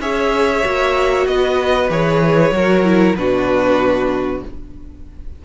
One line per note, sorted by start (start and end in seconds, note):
0.00 0.63 C#4
0.00 0.64 G#4
0.00 1.28 C#5
0.00 1.27 E5
0.64 1.27 A#3
0.64 1.90 F#4
1.27 1.90 B3
1.27 2.55 B4
1.27 1.91 D#5
1.90 2.51 E3
1.90 2.53 G#4
1.90 3.16 C#5
2.51 3.14 F#3
2.51 2.85 F#4
2.51 3.18 A#4
2.85 3.16 E4
3.16 4.42 B2
3.16 4.44 D4
3.16 4.45 F#4
3.16 4.42 B4